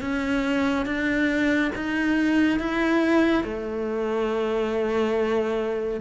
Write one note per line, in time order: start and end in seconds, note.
0.00 0.85 C#4
0.85 1.71 D4
1.75 2.59 D#4
2.59 3.43 E4
3.43 6.00 A3